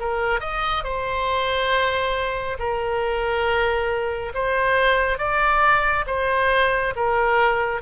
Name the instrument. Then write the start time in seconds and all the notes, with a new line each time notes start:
oboe
0.00 A#4
0.41 D#5
0.84 C5
2.59 A#4
4.35 C5
5.19 D5
6.07 C5
6.96 A#4